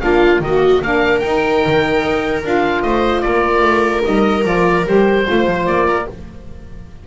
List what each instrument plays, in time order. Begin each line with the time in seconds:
0.00 double bass A#3, saxophone D4, viola F4, oboe F5
0.40 double bass D#3, saxophone A#3, viola F#4, oboe D#5
0.82 double bass A#3, saxophone D4, viola A#4, oboe F5
1.19 saxophone D#4, double bass D#4, oboe G5
1.65 double bass D#3
2.02 double bass D#4
2.42 double bass D4, saxophone F4, oboe F5
2.82 double bass A3, viola C5, oboe D#5
3.21 double bass A#3, viola A#4, oboe D5
3.61 double bass A3
4.03 double bass G3, saxophone D#4, oboe D#5
4.43 double bass F3, saxophone F4, oboe D5
4.85 double bass G3, saxophone G4, oboe C5
5.25 double bass A3, saxophone F4, viola C5
5.46 double bass F3
5.66 double bass A#3, oboe D5
5.86 viola A#4